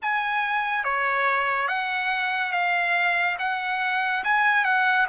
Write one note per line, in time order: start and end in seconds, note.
0.02 0.84 G#5
0.84 1.67 C#5
1.67 2.52 F#5
2.52 3.36 F5
3.38 4.23 F#5
4.24 4.64 G#5
4.64 5.06 F#5